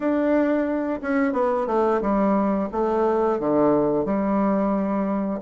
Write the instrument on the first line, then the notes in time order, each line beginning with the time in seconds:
bassoon
0.00 D4
1.02 C#4
1.33 B3
1.67 A3
2.01 G3
2.72 A3
3.39 D3
4.04 G3